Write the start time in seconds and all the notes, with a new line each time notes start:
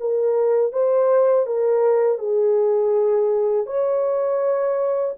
0.00 A#4
0.72 C5
1.47 A#4
2.19 G#4
3.67 C#5